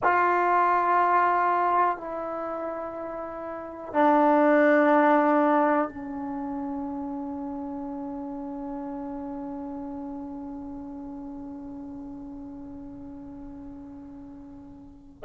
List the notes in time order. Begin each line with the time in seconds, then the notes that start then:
0.03 F4
1.97 E4
3.93 D4
5.88 C#4